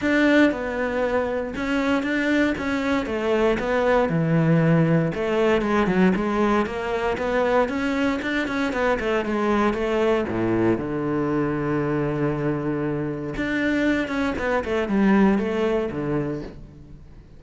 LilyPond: \new Staff \with { instrumentName = "cello" } { \time 4/4 \tempo 4 = 117 d'4 b2 cis'4 | d'4 cis'4 a4 b4 | e2 a4 gis8 fis8 | gis4 ais4 b4 cis'4 |
d'8 cis'8 b8 a8 gis4 a4 | a,4 d2.~ | d2 d'4. cis'8 | b8 a8 g4 a4 d4 | }